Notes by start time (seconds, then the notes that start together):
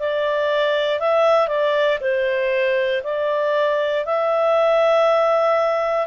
0.00 D5
1.00 E5
1.48 D5
2.01 C5
3.04 D5
4.05 E5